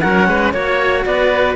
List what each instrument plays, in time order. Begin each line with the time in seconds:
0.00 cello F#3 C#4, oboe A#4, clarinet F#5
0.28 cello G#3, oboe B4
0.53 cello A#3 F#4, clarinet C#5, oboe C#5
1.06 cello B3, oboe B4, clarinet D5